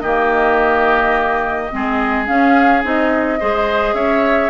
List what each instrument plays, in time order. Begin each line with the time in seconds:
0.00 bassoon D#3, clarinet A#3, oboe G4, flute D#5
1.71 bassoon G#3, clarinet C4, oboe G#4
2.26 clarinet C#4, bassoon C#4, flute F5
2.82 bassoon C4, clarinet D#4, flute D#5
3.39 bassoon G#3, clarinet G#4, oboe C5
3.93 bassoon C#4, oboe C#5, flute E5